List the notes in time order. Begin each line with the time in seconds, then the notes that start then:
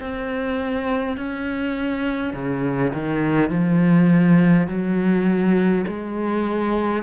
0.00 C4
1.17 C#4
2.33 C#3
2.94 D#3
3.50 F3
4.67 F#3
5.87 G#3